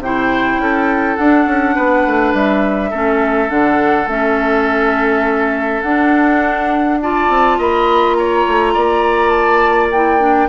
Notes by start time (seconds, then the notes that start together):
0.00 C3 E4 C5 G5
0.59 C#4 A4
1.17 D4 F#5
1.47 C#4
1.75 B3 B4
2.07 A3
2.34 G3 E5
2.91 A3 C#4 A4
3.49 D3 D4 F#5
4.07 A3 C#4 E5
5.82 D4 F#5
7.02 F4 D5 A5
7.29 C4
7.59 A#3 D#5 B5
8.15 C#5 A#5
8.48 A3
8.74 A#3 D5
9.30 A5
9.92 E4 G5
10.20 D4